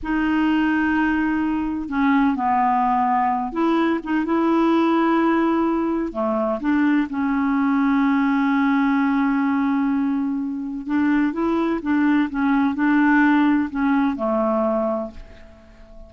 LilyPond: \new Staff \with { instrumentName = "clarinet" } { \time 4/4 \tempo 4 = 127 dis'1 | cis'4 b2~ b8 e'8~ | e'8 dis'8 e'2.~ | e'4 a4 d'4 cis'4~ |
cis'1~ | cis'2. d'4 | e'4 d'4 cis'4 d'4~ | d'4 cis'4 a2 | }